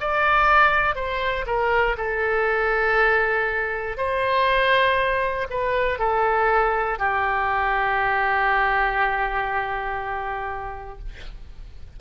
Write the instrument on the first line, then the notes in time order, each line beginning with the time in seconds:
oboe
0.00 D5
0.95 C5
1.47 A#4
1.97 A4
3.97 C5
5.50 B4
5.99 A4
6.99 G4